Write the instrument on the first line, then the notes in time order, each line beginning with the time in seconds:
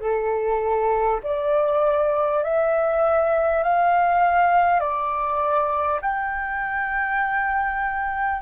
flute
0.00 A4
1.23 D5
2.43 E5
3.63 F5
4.79 D5
6.02 G5